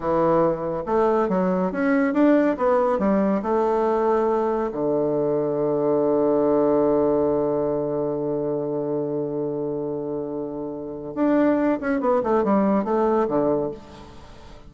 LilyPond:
\new Staff \with { instrumentName = "bassoon" } { \time 4/4 \tempo 4 = 140 e2 a4 fis4 | cis'4 d'4 b4 g4 | a2. d4~ | d1~ |
d1~ | d1~ | d2 d'4. cis'8 | b8 a8 g4 a4 d4 | }